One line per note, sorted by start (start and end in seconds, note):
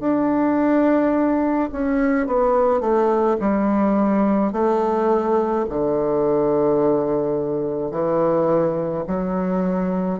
0.00 1.70 D4
1.72 2.27 C#4
2.27 2.80 B3
2.80 3.37 A3
3.40 4.52 G3
4.52 5.66 A3
5.70 7.91 D3
7.91 9.04 E3
9.07 10.19 F#3